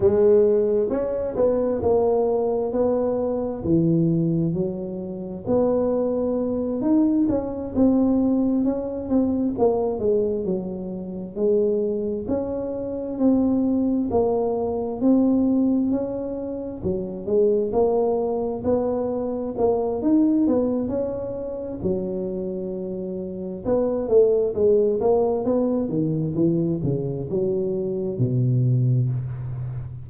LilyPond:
\new Staff \with { instrumentName = "tuba" } { \time 4/4 \tempo 4 = 66 gis4 cis'8 b8 ais4 b4 | e4 fis4 b4. dis'8 | cis'8 c'4 cis'8 c'8 ais8 gis8 fis8~ | fis8 gis4 cis'4 c'4 ais8~ |
ais8 c'4 cis'4 fis8 gis8 ais8~ | ais8 b4 ais8 dis'8 b8 cis'4 | fis2 b8 a8 gis8 ais8 | b8 dis8 e8 cis8 fis4 b,4 | }